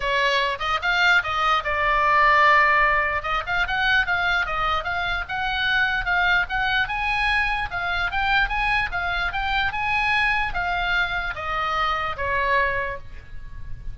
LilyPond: \new Staff \with { instrumentName = "oboe" } { \time 4/4 \tempo 4 = 148 cis''4. dis''8 f''4 dis''4 | d''1 | dis''8 f''8 fis''4 f''4 dis''4 | f''4 fis''2 f''4 |
fis''4 gis''2 f''4 | g''4 gis''4 f''4 g''4 | gis''2 f''2 | dis''2 cis''2 | }